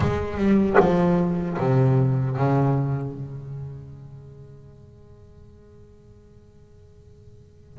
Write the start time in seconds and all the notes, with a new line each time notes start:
0.00 G#3
0.37 G3
0.79 F3
1.58 C3
2.36 C#3
3.13 G#3